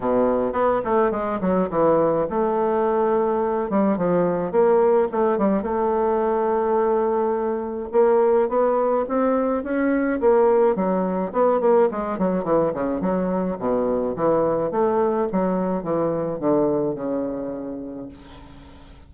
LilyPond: \new Staff \with { instrumentName = "bassoon" } { \time 4/4 \tempo 4 = 106 b,4 b8 a8 gis8 fis8 e4 | a2~ a8 g8 f4 | ais4 a8 g8 a2~ | a2 ais4 b4 |
c'4 cis'4 ais4 fis4 | b8 ais8 gis8 fis8 e8 cis8 fis4 | b,4 e4 a4 fis4 | e4 d4 cis2 | }